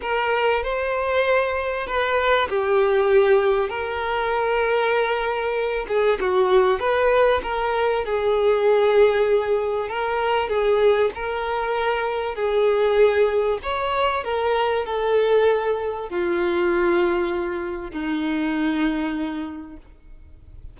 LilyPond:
\new Staff \with { instrumentName = "violin" } { \time 4/4 \tempo 4 = 97 ais'4 c''2 b'4 | g'2 ais'2~ | ais'4. gis'8 fis'4 b'4 | ais'4 gis'2. |
ais'4 gis'4 ais'2 | gis'2 cis''4 ais'4 | a'2 f'2~ | f'4 dis'2. | }